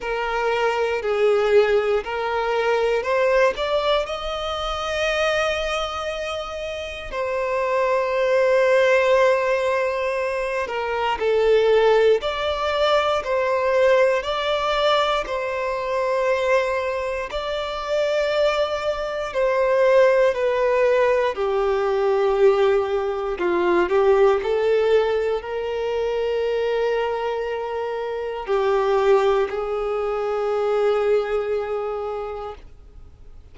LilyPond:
\new Staff \with { instrumentName = "violin" } { \time 4/4 \tempo 4 = 59 ais'4 gis'4 ais'4 c''8 d''8 | dis''2. c''4~ | c''2~ c''8 ais'8 a'4 | d''4 c''4 d''4 c''4~ |
c''4 d''2 c''4 | b'4 g'2 f'8 g'8 | a'4 ais'2. | g'4 gis'2. | }